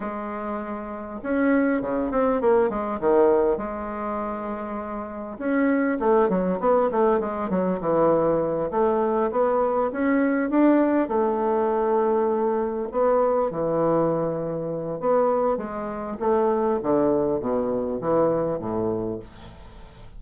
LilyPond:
\new Staff \with { instrumentName = "bassoon" } { \time 4/4 \tempo 4 = 100 gis2 cis'4 cis8 c'8 | ais8 gis8 dis4 gis2~ | gis4 cis'4 a8 fis8 b8 a8 | gis8 fis8 e4. a4 b8~ |
b8 cis'4 d'4 a4.~ | a4. b4 e4.~ | e4 b4 gis4 a4 | d4 b,4 e4 a,4 | }